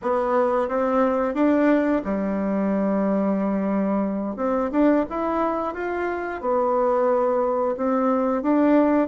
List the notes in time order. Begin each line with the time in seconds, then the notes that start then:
0.02 B3
0.68 C4
1.34 D4
2.04 G3
4.36 C4
4.71 D4
5.09 E4
5.73 F4
6.40 B3
7.76 C4
8.42 D4